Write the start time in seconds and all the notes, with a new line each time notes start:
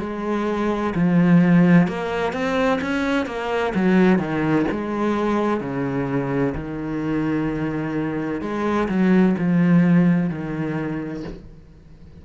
0.00 G#3
0.95 F3
1.87 A#3
2.33 C4
2.81 C#4
3.26 A#3
3.75 F#3
4.19 D#3
4.71 G#3
5.60 C#3
6.55 D#3
8.41 G#3
8.88 F#3
9.38 F3
10.30 D#3